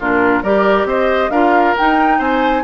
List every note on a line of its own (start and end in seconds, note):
0.00 0.43 A#2
0.00 0.44 D4
0.00 0.43 F4
0.00 0.43 A#4
0.43 0.85 G3
0.43 1.32 G4
0.43 0.87 A#4
0.43 0.87 D5
0.85 1.29 C4
0.85 1.31 C5
0.85 1.31 D#5
1.30 1.74 D4
1.30 1.76 F4
1.30 2.19 A#4
1.30 1.75 F5
1.77 2.64 D#4
1.77 2.19 D#4
1.77 2.21 G5
2.19 2.63 C4
2.19 2.63 C5
2.19 2.64 G#5